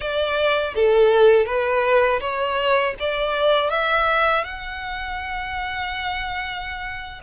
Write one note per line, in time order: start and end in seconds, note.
0.00 0.74 D5
0.75 1.45 A4
1.45 2.20 B4
2.20 2.94 C#5
2.99 3.70 D5
3.70 4.43 E5
4.43 7.21 F#5